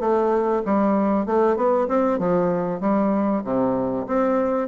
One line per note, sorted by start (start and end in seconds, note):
0.00 0.62 A3
0.65 1.26 G3
1.26 1.57 A3
1.57 1.88 B3
1.88 2.19 C4
2.19 2.80 F3
2.80 3.43 G3
3.44 4.06 C3
4.07 4.68 C4